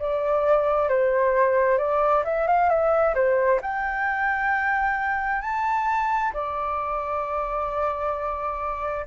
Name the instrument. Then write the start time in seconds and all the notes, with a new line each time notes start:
flute
0.00 D5
0.89 C5
1.79 D5
2.25 E5
2.48 F5
2.69 E5
3.15 C5
3.62 G5
5.42 A5
6.33 D5